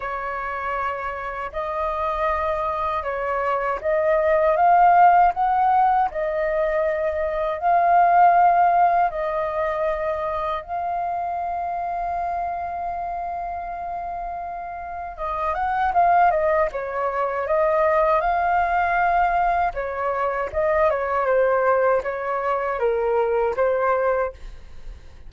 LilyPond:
\new Staff \with { instrumentName = "flute" } { \time 4/4 \tempo 4 = 79 cis''2 dis''2 | cis''4 dis''4 f''4 fis''4 | dis''2 f''2 | dis''2 f''2~ |
f''1 | dis''8 fis''8 f''8 dis''8 cis''4 dis''4 | f''2 cis''4 dis''8 cis''8 | c''4 cis''4 ais'4 c''4 | }